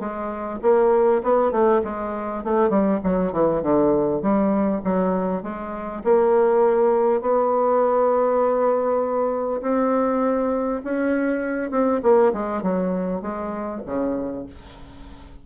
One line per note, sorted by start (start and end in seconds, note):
0.00 0.60 G#3
0.62 1.22 A#3
1.24 1.52 B3
1.52 1.82 A3
1.84 2.44 G#3
2.44 2.70 A3
2.70 3.00 G3
3.04 3.33 F#3
3.33 3.63 E3
3.63 4.22 D3
4.22 4.82 G3
4.84 5.43 F#3
5.43 6.03 G#3
6.04 7.21 A#3
7.21 9.61 B3
9.62 10.82 C4
10.84 11.71 C#4
11.71 12.01 C4
12.03 12.33 A#3
12.34 12.63 G#3
12.63 13.22 F#3
13.22 13.82 G#3
13.86 14.46 C#3